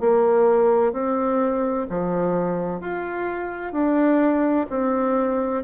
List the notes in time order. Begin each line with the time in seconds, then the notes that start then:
0.00 A#3
0.93 C4
1.90 F3
2.80 F4
3.72 D4
4.70 C4